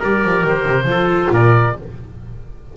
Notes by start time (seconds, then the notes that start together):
0.00 G3 G4 A#4 D5
0.25 F3
0.45 D#3 C5
0.67 C3
0.84 F3 F4
0.91 A4
1.31 A#2 A#4 D5